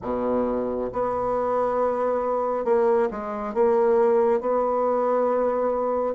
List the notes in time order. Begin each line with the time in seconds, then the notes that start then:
0.02 B2
0.92 B3
2.64 A#3
3.10 G#3
3.53 A#3
4.40 B3